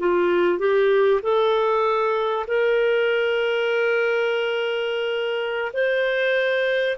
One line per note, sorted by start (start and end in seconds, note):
0.00 0.59 F4
0.59 1.21 G4
1.23 2.47 A4
2.48 5.73 A#4
5.74 6.98 C5